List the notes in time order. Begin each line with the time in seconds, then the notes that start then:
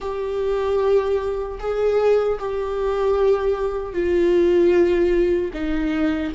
0.00 G4
1.59 G#4
2.39 G4
3.93 F4
5.53 D#4